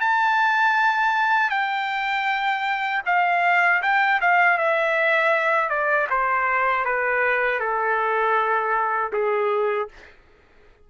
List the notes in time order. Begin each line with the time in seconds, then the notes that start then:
0.00 A5
1.50 G5
3.06 F5
3.82 G5
4.21 F5
4.58 E5
5.69 D5
6.10 C5
6.85 B4
7.60 A4
9.12 G#4